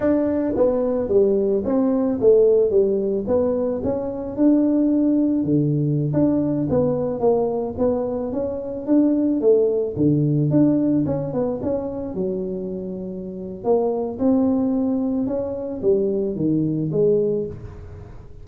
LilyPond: \new Staff \with { instrumentName = "tuba" } { \time 4/4 \tempo 4 = 110 d'4 b4 g4 c'4 | a4 g4 b4 cis'4 | d'2 d4~ d16 d'8.~ | d'16 b4 ais4 b4 cis'8.~ |
cis'16 d'4 a4 d4 d'8.~ | d'16 cis'8 b8 cis'4 fis4.~ fis16~ | fis4 ais4 c'2 | cis'4 g4 dis4 gis4 | }